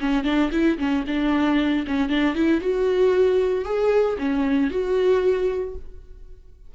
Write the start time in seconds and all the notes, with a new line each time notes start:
0.00 C#4
0.24 D4
0.52 E4
0.78 C#4
1.07 D4
1.87 C#4
2.09 D4
2.35 E4
2.61 F#4
3.65 G#4
4.19 C#4
4.71 F#4